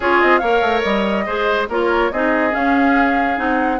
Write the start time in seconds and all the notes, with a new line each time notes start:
0.00 C#4 F4 G#4 C#5
0.21 C4 D#5
0.38 A#3 A#4 C#5 F5
0.61 A3
0.82 G3 D#5
1.25 G#3 G#4 C5
1.68 A#3 F4 A#4 C#5
2.11 C4 D#4 G#4 D#5
2.50 C#4 F5
3.35 C4 D#4 F#5